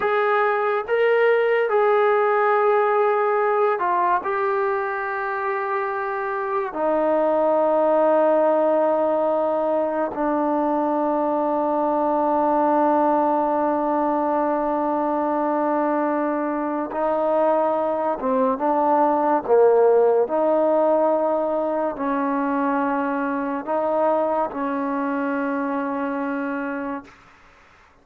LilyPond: \new Staff \with { instrumentName = "trombone" } { \time 4/4 \tempo 4 = 71 gis'4 ais'4 gis'2~ | gis'8 f'8 g'2. | dis'1 | d'1~ |
d'1 | dis'4. c'8 d'4 ais4 | dis'2 cis'2 | dis'4 cis'2. | }